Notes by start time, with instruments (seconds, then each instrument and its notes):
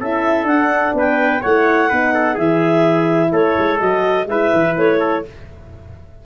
0.00 tuba C#4, horn E4, trumpet A4, clarinet E5
0.44 tuba D4, horn D4, clarinet F#5
0.94 tuba B3, trumpet B4, clarinet G5
1.41 tuba A3, horn E4, trumpet C#5, clarinet F#5
1.89 tuba B3, horn D#4, trumpet B4
2.14 trumpet A4
2.34 tuba E3, horn E4, trumpet G#4, clarinet E5
3.32 tuba A3, trumpet A4, clarinet C#5
3.59 tuba G#3
3.80 tuba F#3, horn F#4, clarinet D#5
4.26 tuba G#3, horn E4, trumpet B4, clarinet E5
4.53 tuba E3
4.77 tuba A3, clarinet C#5
5.00 trumpet A4